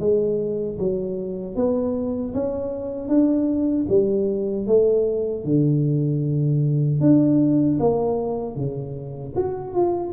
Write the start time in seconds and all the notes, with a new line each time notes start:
0.00 G#3
0.79 F#3
1.56 B3
2.34 C#4
3.09 D4
3.89 G3
4.67 A3
5.45 D3
7.01 D4
7.80 A#3
8.56 C#3
9.36 F#4
9.74 F4